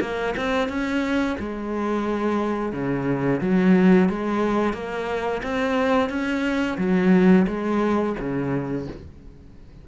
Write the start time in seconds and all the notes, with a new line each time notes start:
0.00 A#3
0.36 C4
0.68 C#4
1.39 G#3
2.72 C#3
3.41 F#3
4.09 G#3
4.73 A#3
5.42 C4
6.09 C#4
6.77 F#3
7.47 G#3
8.19 C#3